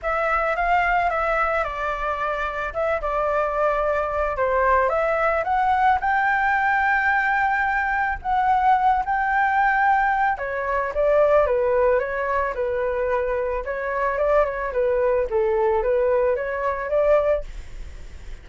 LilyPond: \new Staff \with { instrumentName = "flute" } { \time 4/4 \tempo 4 = 110 e''4 f''4 e''4 d''4~ | d''4 e''8 d''2~ d''8 | c''4 e''4 fis''4 g''4~ | g''2. fis''4~ |
fis''8 g''2~ g''8 cis''4 | d''4 b'4 cis''4 b'4~ | b'4 cis''4 d''8 cis''8 b'4 | a'4 b'4 cis''4 d''4 | }